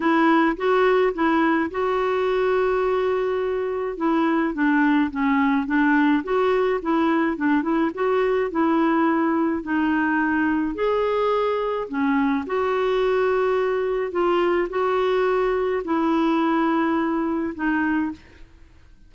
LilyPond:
\new Staff \with { instrumentName = "clarinet" } { \time 4/4 \tempo 4 = 106 e'4 fis'4 e'4 fis'4~ | fis'2. e'4 | d'4 cis'4 d'4 fis'4 | e'4 d'8 e'8 fis'4 e'4~ |
e'4 dis'2 gis'4~ | gis'4 cis'4 fis'2~ | fis'4 f'4 fis'2 | e'2. dis'4 | }